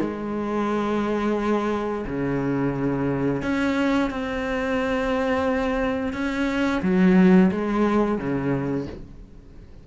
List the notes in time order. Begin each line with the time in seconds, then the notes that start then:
0.00 G#3
2.06 C#3
3.42 C#4
4.10 C4
6.13 C#4
6.82 F#3
7.51 G#3
8.18 C#3